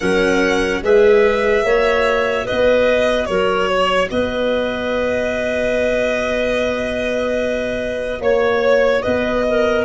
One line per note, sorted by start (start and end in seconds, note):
0.00 0.82 F#3
0.00 0.83 C#4
0.00 0.83 A#4
0.00 0.82 F#5
0.82 1.63 G#3
0.82 1.65 G#4
0.82 1.65 B4
0.82 2.47 E5
1.63 2.46 A#3
1.63 9.85 F#4
1.63 2.45 C#5
2.45 3.27 B4
2.45 3.25 D#5
2.51 3.28 B3
3.25 4.10 F#3
3.25 3.69 A#4
3.25 4.08 C#5
3.69 4.10 C#5
4.10 8.20 B3
4.10 8.21 B4
4.10 8.21 D#5
8.20 9.02 A#3
8.20 9.03 C#5
8.20 9.02 C#5
9.02 9.85 B3
9.02 9.44 B4
9.02 9.84 D#5
9.48 9.85 A#4